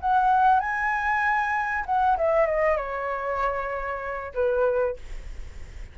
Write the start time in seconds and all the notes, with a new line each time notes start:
0.00 F#5
0.60 G#5
1.86 F#5
2.18 E5
2.46 D#5
2.77 C#5
4.34 B4